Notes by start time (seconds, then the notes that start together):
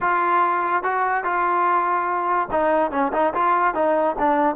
0.00 F4
0.83 F#4
1.23 F4
2.51 D#4
2.91 C#4
3.12 D#4
3.33 F4
3.74 D#4
4.19 D4